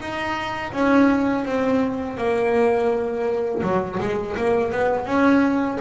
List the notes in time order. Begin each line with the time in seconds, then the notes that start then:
0.00 D#4
0.72 C#4
1.45 C4
2.17 A#3
3.62 F#3
4.00 G#3
4.37 A#3
4.72 B3
5.06 C#4